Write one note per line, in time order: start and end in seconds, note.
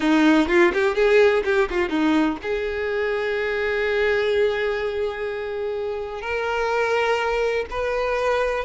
0.00 0.47 D#4
0.48 0.72 F4
0.73 0.95 G4
0.95 1.43 G#4
1.44 1.68 G4
1.70 1.89 F4
1.89 2.37 D#4
2.42 6.21 G#4
6.21 7.65 A#4
7.70 8.64 B4